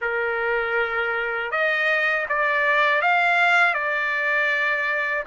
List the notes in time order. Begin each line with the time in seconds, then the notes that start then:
0.01 A#4
1.51 D#5
2.28 D5
3.01 F5
3.74 D5